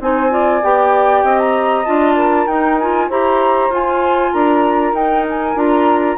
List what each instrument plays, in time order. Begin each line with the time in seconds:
0.00 bassoon C4, clarinet D#4, saxophone C5, flute G#5
0.30 clarinet F4, saxophone D5
0.63 bassoon B3, clarinet G4, flute G5
1.23 bassoon C4, saxophone D#5
1.39 flute A#5
1.85 bassoon D4, clarinet F4, flute A5
2.15 saxophone A#4
2.47 bassoon D#4, clarinet D#4, flute G5
2.79 clarinet F4, flute G#5
3.08 bassoon E4, clarinet G4, saxophone C5, flute A#5
3.70 bassoon F4, clarinet F4, flute G#5
4.32 bassoon D4, saxophone A#4, flute A#5
4.93 bassoon D#4, clarinet D#4, flute G5
5.30 flute G#5
5.55 bassoon D4, clarinet F4, flute A#5